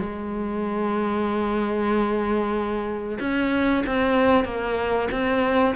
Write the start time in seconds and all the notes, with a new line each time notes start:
0.00 G#3
3.20 C#4
3.87 C4
4.45 A#3
5.12 C4